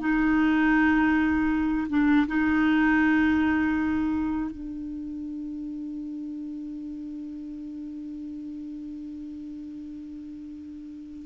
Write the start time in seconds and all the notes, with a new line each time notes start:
0.00 D#4
1.90 D4
2.28 D#4
4.51 D4